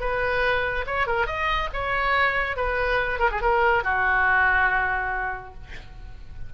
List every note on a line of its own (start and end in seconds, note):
0.00 0.85 B4
0.86 1.07 C#5
1.07 1.26 A#4
1.26 1.69 D#5
1.73 2.56 C#5
2.56 3.19 B4
3.19 3.30 A#4
3.31 3.42 G#4
3.42 3.84 A#4
3.84 5.54 F#4